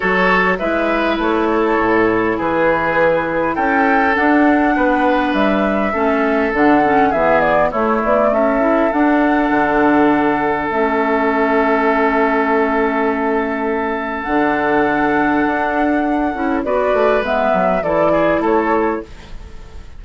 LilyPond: <<
  \new Staff \with { instrumentName = "flute" } { \time 4/4 \tempo 4 = 101 cis''4 e''4 cis''2 | b'2 g''4 fis''4~ | fis''4 e''2 fis''4 | e''8 d''8 cis''8 d''8 e''4 fis''4~ |
fis''2 e''2~ | e''1 | fis''1 | d''4 e''4 d''4 cis''4 | }
  \new Staff \with { instrumentName = "oboe" } { \time 4/4 a'4 b'4. a'4. | gis'2 a'2 | b'2 a'2 | gis'4 e'4 a'2~ |
a'1~ | a'1~ | a'1 | b'2 a'8 gis'8 a'4 | }
  \new Staff \with { instrumentName = "clarinet" } { \time 4/4 fis'4 e'2.~ | e'2. d'4~ | d'2 cis'4 d'8 cis'8 | b4 a4. e'8 d'4~ |
d'2 cis'2~ | cis'1 | d'2.~ d'8 e'8 | fis'4 b4 e'2 | }
  \new Staff \with { instrumentName = "bassoon" } { \time 4/4 fis4 gis4 a4 a,4 | e2 cis'4 d'4 | b4 g4 a4 d4 | e4 a8 b8 cis'4 d'4 |
d2 a2~ | a1 | d2 d'4. cis'8 | b8 a8 gis8 fis8 e4 a4 | }
>>